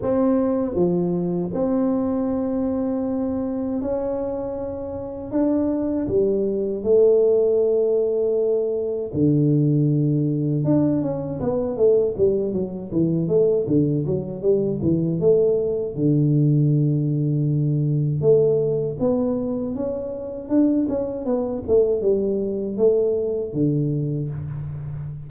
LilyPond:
\new Staff \with { instrumentName = "tuba" } { \time 4/4 \tempo 4 = 79 c'4 f4 c'2~ | c'4 cis'2 d'4 | g4 a2. | d2 d'8 cis'8 b8 a8 |
g8 fis8 e8 a8 d8 fis8 g8 e8 | a4 d2. | a4 b4 cis'4 d'8 cis'8 | b8 a8 g4 a4 d4 | }